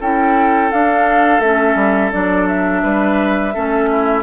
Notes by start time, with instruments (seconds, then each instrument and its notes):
0.00 bassoon C#4, clarinet E4, oboe A4, flute G5
0.72 clarinet D4, bassoon D4, flute F5
1.40 bassoon A3, clarinet C#4, flute E5
1.75 bassoon G3
2.12 bassoon F#3, clarinet D4, flute D5
2.48 flute E5
2.83 bassoon G3, oboe B4
3.54 bassoon A3, clarinet C#4, oboe A4
3.91 oboe E4